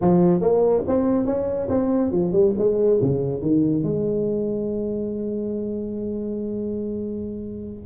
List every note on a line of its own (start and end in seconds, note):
0.01 0.40 F3
0.40 0.83 A#3
0.87 1.26 C4
1.26 1.68 C#4
1.69 2.11 C4
2.11 2.32 F3
2.32 2.53 G3
2.58 3.00 G#3
3.01 3.41 C#3
3.41 3.83 D#3
3.83 7.85 G#3